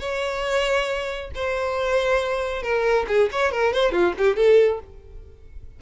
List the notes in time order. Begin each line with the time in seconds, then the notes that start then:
0.00 C#5
1.35 C5
2.62 A#4
3.08 G#4
3.32 C#5
3.52 A#4
3.73 C5
3.92 F4
4.18 G4
4.36 A4